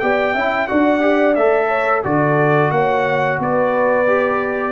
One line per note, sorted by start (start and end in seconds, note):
0.00 0.35 B3
0.00 0.35 G4
0.00 0.35 D5
0.00 0.67 G5
0.35 0.69 C#4
0.35 0.69 E4
0.35 0.68 E5
0.68 1.37 D4
0.68 1.01 F#4
0.68 1.68 D5
0.68 1.35 F#5
1.01 1.35 G4
1.35 2.04 A3
1.35 2.04 A4
1.35 2.03 E5
1.68 2.01 C#5
2.04 2.71 D3
2.04 4.06 F#4
2.04 2.73 A4
2.04 2.71 D5
2.71 3.38 A#3
2.71 3.40 C#5
2.71 3.39 F#5
3.39 4.72 B3
3.39 4.72 B4
3.39 4.72 D5
4.07 4.72 G4